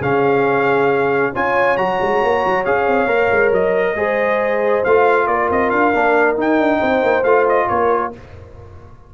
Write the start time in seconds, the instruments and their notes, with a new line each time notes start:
0.00 tuba C#3, trombone C#4, horn G#4, trumpet F5
1.32 tuba C#4, trombone F4, horn C#5, trumpet G#5
1.76 tuba F#3, trombone F#4, trumpet A#5
2.01 tuba G#3
2.23 tuba A#3
2.46 tuba F#3
2.65 tuba C#4, trombone G#4, trumpet F5
2.87 tuba C4
3.06 tuba A#3, trombone A#4
3.31 tuba G#3
3.52 tuba F#3, trumpet D#5
3.94 tuba G#3, trombone G#4, horn C5
4.84 tuba A3, trombone F4, trumpet F5
5.27 tuba A#3, horn A#4, trumpet D5
5.49 tuba C4, trumpet D#5
5.70 tuba D4, trumpet F5
5.93 tuba A#3, trombone D4
6.36 trombone D#4, tuba D#4, trumpet G5
6.58 tuba D4
6.79 tuba C4, horn C5
7.02 tuba A#3
7.23 tuba A3, trombone F4, trumpet F5
7.48 trumpet D#5
7.68 tuba A#3, horn A#4, trumpet C#5